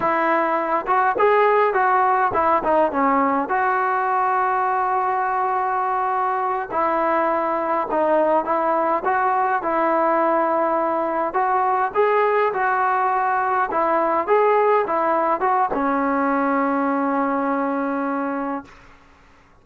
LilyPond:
\new Staff \with { instrumentName = "trombone" } { \time 4/4 \tempo 4 = 103 e'4. fis'8 gis'4 fis'4 | e'8 dis'8 cis'4 fis'2~ | fis'2.~ fis'8 e'8~ | e'4. dis'4 e'4 fis'8~ |
fis'8 e'2. fis'8~ | fis'8 gis'4 fis'2 e'8~ | e'8 gis'4 e'4 fis'8 cis'4~ | cis'1 | }